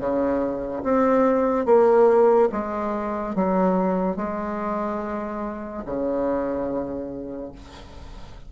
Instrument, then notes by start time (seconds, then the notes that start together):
bassoon
0.00 C#3
0.84 C4
1.66 A#3
2.53 G#3
3.36 F#3
4.17 G#3
5.86 C#3